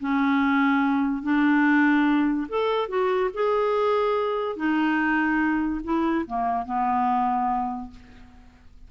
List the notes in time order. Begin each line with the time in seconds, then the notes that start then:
0.00 C#4
1.23 D4
2.49 A4
2.89 F#4
3.34 G#4
4.56 D#4
5.84 E4
6.27 A#3
6.66 B3